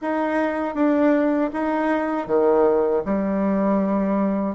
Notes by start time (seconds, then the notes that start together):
0.01 D#4
0.74 D4
1.53 D#4
2.26 D#3
3.05 G3